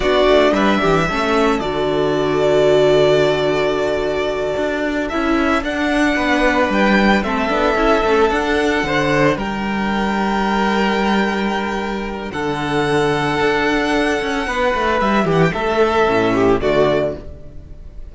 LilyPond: <<
  \new Staff \with { instrumentName = "violin" } { \time 4/4 \tempo 4 = 112 d''4 e''2 d''4~ | d''1~ | d''4. e''4 fis''4.~ | fis''8 g''4 e''2 fis''8~ |
fis''4. g''2~ g''8~ | g''2. fis''4~ | fis''1 | e''8 fis''16 g''16 e''2 d''4 | }
  \new Staff \with { instrumentName = "violin" } { \time 4/4 fis'4 b'8 g'8 a'2~ | a'1~ | a'2.~ a'8 b'8~ | b'4. a'2~ a'8~ |
a'8 c''4 ais'2~ ais'8~ | ais'2. a'4~ | a'2. b'4~ | b'8 g'8 a'4. g'8 fis'4 | }
  \new Staff \with { instrumentName = "viola" } { \time 4/4 d'2 cis'4 fis'4~ | fis'1~ | fis'4. e'4 d'4.~ | d'4. c'8 d'8 e'8 cis'8 d'8~ |
d'1~ | d'1~ | d'1~ | d'2 cis'4 a4 | }
  \new Staff \with { instrumentName = "cello" } { \time 4/4 b8 a8 g8 e8 a4 d4~ | d1~ | d8 d'4 cis'4 d'4 b8~ | b8 g4 a8 b8 cis'8 a8 d'8~ |
d'8 d4 g2~ g8~ | g2. d4~ | d4 d'4. cis'8 b8 a8 | g8 e8 a4 a,4 d4 | }
>>